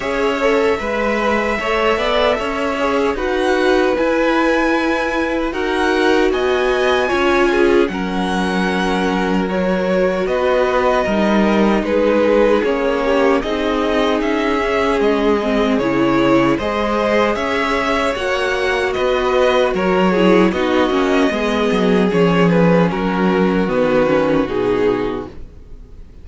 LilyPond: <<
  \new Staff \with { instrumentName = "violin" } { \time 4/4 \tempo 4 = 76 e''1 | fis''4 gis''2 fis''4 | gis''2 fis''2 | cis''4 dis''2 b'4 |
cis''4 dis''4 e''4 dis''4 | cis''4 dis''4 e''4 fis''4 | dis''4 cis''4 dis''2 | cis''8 b'8 ais'4 b'4 gis'4 | }
  \new Staff \with { instrumentName = "violin" } { \time 4/4 cis''4 b'4 cis''8 d''8 cis''4 | b'2. ais'4 | dis''4 cis''8 gis'8 ais'2~ | ais'4 b'4 ais'4 gis'4~ |
gis'8 g'8 gis'2.~ | gis'4 c''4 cis''2 | b'4 ais'8 gis'8 fis'4 gis'4~ | gis'4 fis'2. | }
  \new Staff \with { instrumentName = "viola" } { \time 4/4 gis'8 a'8 b'4 a'4. gis'8 | fis'4 e'2 fis'4~ | fis'4 f'4 cis'2 | fis'2 dis'2 |
cis'4 dis'4. cis'4 c'8 | e'4 gis'2 fis'4~ | fis'4. e'8 dis'8 cis'8 b4 | cis'2 b8 cis'8 dis'4 | }
  \new Staff \with { instrumentName = "cello" } { \time 4/4 cis'4 gis4 a8 b8 cis'4 | dis'4 e'2 dis'4 | b4 cis'4 fis2~ | fis4 b4 g4 gis4 |
ais4 c'4 cis'4 gis4 | cis4 gis4 cis'4 ais4 | b4 fis4 b8 ais8 gis8 fis8 | f4 fis4 dis4 b,4 | }
>>